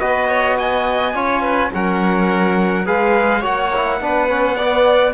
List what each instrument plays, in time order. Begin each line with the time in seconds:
0.00 cello B3, trombone F#4, violin B4, trumpet D#5
0.29 violin C#5
0.57 violin D#5, trumpet G#5
1.14 cello C#4, trombone F4, violin C#5
1.42 violin B4
1.73 cello F#3, trombone C#4, violin A#4, trumpet F#5
2.85 cello G#3, trombone G#4, violin B4, trumpet F5
3.40 cello A#3, trombone F#4, violin C#5, trumpet F#5
3.75 trombone E4
4.01 cello B3, trombone D4, violin B4
4.28 trombone C#4
4.56 trombone B3, violin D5